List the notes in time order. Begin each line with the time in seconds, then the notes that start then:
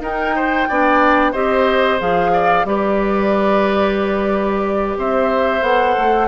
0.00 D#4 A#4 G5
0.35 C5
0.68 B3 D4 D5
1.32 C4 G4 C5 D#5
1.99 F3 G#4 F5
2.33 D5
2.64 G3 G4 B4 D5
4.98 C4 C5 E5
5.61 B3 A4 F#5
5.98 A3